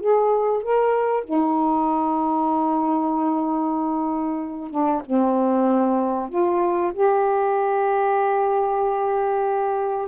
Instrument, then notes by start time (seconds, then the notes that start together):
saxophone
0.00 G#4
0.63 A#4
1.24 D#4
4.70 D4
5.06 C4
6.29 F4
6.94 G4